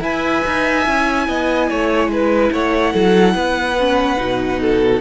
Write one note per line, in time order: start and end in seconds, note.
0.00 0.42 E4
0.00 0.84 B4
0.00 1.27 E5
0.00 2.53 G#5
0.46 0.87 D#4
0.84 1.28 C#4
0.84 3.76 E4
1.28 1.70 B3
1.28 1.69 D#5
1.69 2.07 A3
1.69 2.11 C#5
2.07 2.49 G#3
2.07 2.53 B4
2.52 2.94 A3
2.52 2.93 C#5
2.52 5.01 F#5
2.93 3.34 F#3
2.93 3.35 A4
3.34 4.18 B3
3.34 4.60 B4
3.79 4.17 C#4
4.17 5.01 B2
4.17 5.00 D#4
4.61 5.01 A4